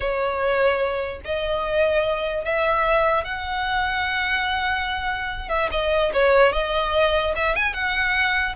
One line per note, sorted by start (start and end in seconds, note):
0.00 1.20 C#5
1.24 2.44 D#5
2.44 3.24 E5
3.24 5.48 F#5
5.48 5.69 E5
5.71 6.12 D#5
6.13 6.52 C#5
6.52 7.34 D#5
7.35 7.55 E5
7.55 7.73 G#5
7.73 8.55 F#5